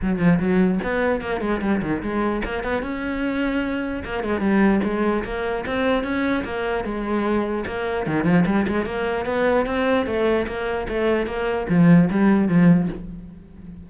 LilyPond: \new Staff \with { instrumentName = "cello" } { \time 4/4 \tempo 4 = 149 fis8 f8 fis4 b4 ais8 gis8 | g8 dis8 gis4 ais8 b8 cis'4~ | cis'2 ais8 gis8 g4 | gis4 ais4 c'4 cis'4 |
ais4 gis2 ais4 | dis8 f8 g8 gis8 ais4 b4 | c'4 a4 ais4 a4 | ais4 f4 g4 f4 | }